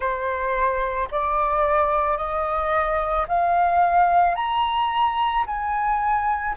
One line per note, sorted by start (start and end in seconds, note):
0.00 1.08 C5
1.11 2.17 D5
2.17 3.26 D#5
3.28 4.35 F5
4.35 5.44 A#5
5.46 6.55 G#5